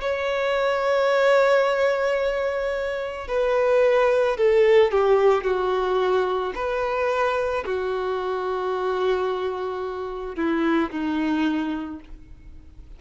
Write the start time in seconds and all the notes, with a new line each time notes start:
0.00 C#5
3.27 B4
4.36 A4
4.91 G4
5.43 F#4
6.55 B4
7.65 F#4
10.35 E4
10.90 D#4